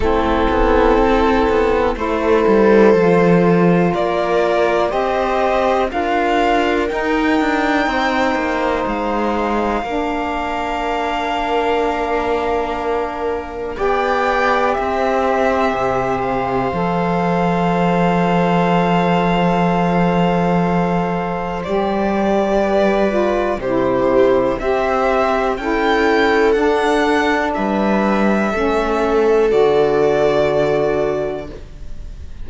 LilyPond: <<
  \new Staff \with { instrumentName = "violin" } { \time 4/4 \tempo 4 = 61 a'2 c''2 | d''4 dis''4 f''4 g''4~ | g''4 f''2.~ | f''2 g''4 e''4~ |
e''8 f''2.~ f''8~ | f''2 d''2 | c''4 e''4 g''4 fis''4 | e''2 d''2 | }
  \new Staff \with { instrumentName = "viola" } { \time 4/4 e'2 a'2 | ais'4 c''4 ais'2 | c''2 ais'2~ | ais'2 d''4 c''4~ |
c''1~ | c''2. b'4 | g'4 c''4 a'2 | b'4 a'2. | }
  \new Staff \with { instrumentName = "saxophone" } { \time 4/4 c'2 e'4 f'4~ | f'4 g'4 f'4 dis'4~ | dis'2 d'2~ | d'2 g'2~ |
g'4 a'2.~ | a'2 g'4. f'8 | e'4 g'4 e'4 d'4~ | d'4 cis'4 fis'2 | }
  \new Staff \with { instrumentName = "cello" } { \time 4/4 a8 b8 c'8 b8 a8 g8 f4 | ais4 c'4 d'4 dis'8 d'8 | c'8 ais8 gis4 ais2~ | ais2 b4 c'4 |
c4 f2.~ | f2 g2 | c4 c'4 cis'4 d'4 | g4 a4 d2 | }
>>